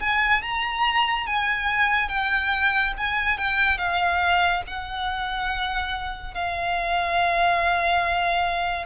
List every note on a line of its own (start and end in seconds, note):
0.00 0.42 G#5
0.42 1.27 A#5
1.27 2.09 G#5
2.09 2.93 G5
2.98 3.38 G#5
3.38 3.78 G5
3.78 4.62 F5
4.67 6.35 F#5
6.35 8.86 F5